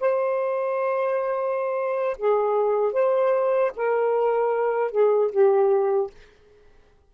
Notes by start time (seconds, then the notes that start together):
0.00 C5
2.18 G#4
2.93 C5
3.77 A#4
4.92 G#4
5.31 G4